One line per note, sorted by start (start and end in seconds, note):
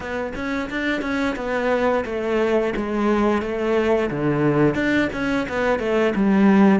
0.00 0.32 B3
0.35 0.69 C#4
0.70 1.01 D4
1.01 1.35 C#4
1.36 2.04 B3
2.05 2.73 A3
2.76 3.42 G#3
3.42 4.10 A3
4.10 4.74 D3
4.74 5.09 D4
5.13 5.47 C#4
5.49 5.79 B3
5.79 6.13 A3
6.15 6.80 G3